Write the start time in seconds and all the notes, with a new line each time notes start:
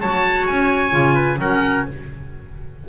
0.00 F#3 F#4 C#5 A5
0.47 C#4 G#5
0.90 C#3 F4
1.14 B4
1.38 F#3 C#4 A#4 F#5